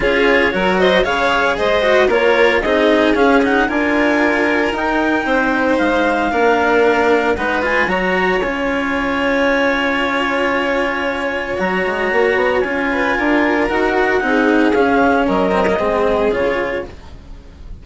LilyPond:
<<
  \new Staff \with { instrumentName = "clarinet" } { \time 4/4 \tempo 4 = 114 cis''4. dis''8 f''4 dis''4 | cis''4 dis''4 f''8 fis''8 gis''4~ | gis''4 g''2 f''4~ | f''2 fis''8 gis''8 ais''4 |
gis''1~ | gis''2 ais''2 | gis''2 fis''2 | f''4 dis''2 cis''4 | }
  \new Staff \with { instrumentName = "violin" } { \time 4/4 gis'4 ais'8 c''8 cis''4 c''4 | ais'4 gis'2 ais'4~ | ais'2 c''2 | ais'2 b'4 cis''4~ |
cis''1~ | cis''1~ | cis''8 b'8 ais'2 gis'4~ | gis'4 ais'4 gis'2 | }
  \new Staff \with { instrumentName = "cello" } { \time 4/4 f'4 fis'4 gis'4. fis'8 | f'4 dis'4 cis'8 dis'8 f'4~ | f'4 dis'2. | d'2 dis'8 f'8 fis'4 |
f'1~ | f'2 fis'2 | f'2 fis'4 dis'4 | cis'4. c'16 ais16 c'4 f'4 | }
  \new Staff \with { instrumentName = "bassoon" } { \time 4/4 cis'4 fis4 cis4 gis4 | ais4 c'4 cis'4 d'4~ | d'4 dis'4 c'4 gis4 | ais2 gis4 fis4 |
cis'1~ | cis'2 fis8 gis8 ais8 b8 | cis'4 d'4 dis'4 c'4 | cis'4 fis4 gis4 cis4 | }
>>